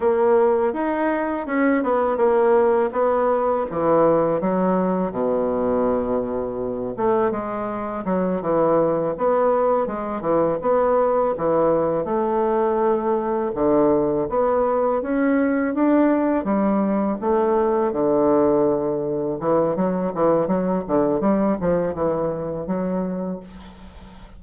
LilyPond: \new Staff \with { instrumentName = "bassoon" } { \time 4/4 \tempo 4 = 82 ais4 dis'4 cis'8 b8 ais4 | b4 e4 fis4 b,4~ | b,4. a8 gis4 fis8 e8~ | e8 b4 gis8 e8 b4 e8~ |
e8 a2 d4 b8~ | b8 cis'4 d'4 g4 a8~ | a8 d2 e8 fis8 e8 | fis8 d8 g8 f8 e4 fis4 | }